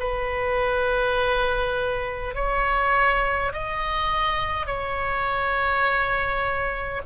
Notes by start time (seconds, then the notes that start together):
0.00 B4
2.35 C#5
3.53 D#5
4.67 C#5